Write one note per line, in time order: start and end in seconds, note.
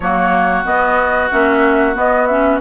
0.00 0.65 F#3
0.00 0.64 A#3
0.00 2.60 F#4
0.00 0.64 C#5
0.64 1.29 B3
0.64 1.30 B3
0.64 1.31 D#5
1.31 1.95 A#3
1.31 1.94 C#4
1.31 1.96 E5
1.94 2.26 B3
1.94 2.60 B3
1.94 2.26 D#5
2.26 2.60 C#4
2.26 2.59 E5